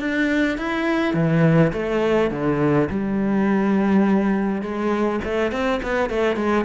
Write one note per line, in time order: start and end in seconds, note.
0.00 0.58 D4
0.58 1.14 E4
1.14 1.72 E3
1.72 2.31 A3
2.31 2.89 D3
2.90 4.62 G3
4.62 5.20 G#3
5.24 5.52 A3
5.52 5.81 C4
5.83 6.10 B3
6.10 6.36 A3
6.36 6.65 G#3